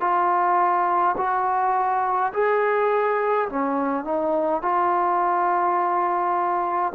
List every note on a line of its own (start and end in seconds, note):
0.00 1.15 F4
1.17 2.32 F#4
2.33 3.48 G#4
3.49 4.04 C#4
4.04 4.62 D#4
4.62 6.93 F4